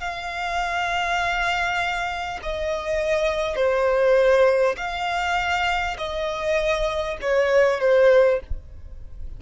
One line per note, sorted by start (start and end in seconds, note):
0.00 2.40 F5
2.42 3.56 D#5
3.56 4.76 C5
4.77 5.97 F5
5.98 7.18 D#5
7.22 7.80 C#5
7.80 8.40 C5